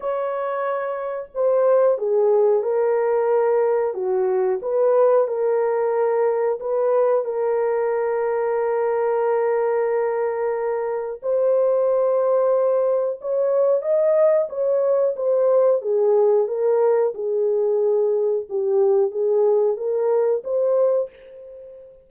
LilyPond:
\new Staff \with { instrumentName = "horn" } { \time 4/4 \tempo 4 = 91 cis''2 c''4 gis'4 | ais'2 fis'4 b'4 | ais'2 b'4 ais'4~ | ais'1~ |
ais'4 c''2. | cis''4 dis''4 cis''4 c''4 | gis'4 ais'4 gis'2 | g'4 gis'4 ais'4 c''4 | }